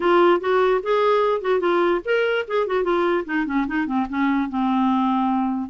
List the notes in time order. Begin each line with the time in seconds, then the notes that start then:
0.00 F4
0.40 F#4
0.82 G#4
1.41 F#4
1.60 F4
2.04 A#4
2.47 G#4
2.66 F#4
2.83 F4
3.25 D#4
3.46 C#4
3.67 D#4
3.86 C4
4.09 C#4
4.49 C4